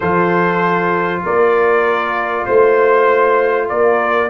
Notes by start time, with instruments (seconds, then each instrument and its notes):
0.00 tuba F3, trombone F4, horn A4, trumpet C5
1.23 tuba A#3, horn A#4, trumpet D5
2.45 tuba A3, trumpet C5, horn C5
3.68 tuba A#3, horn A#4, trumpet D5